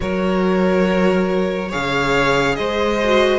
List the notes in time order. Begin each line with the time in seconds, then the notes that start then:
0.00 F#3 F#4 A#4 C#5
1.69 C#3 G#4 C#5 F5
2.55 G#3 C5 D#5
3.04 F#4